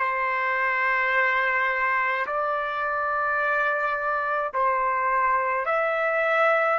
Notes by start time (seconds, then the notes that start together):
0.00 C5
2.27 D5
4.54 C5
5.66 E5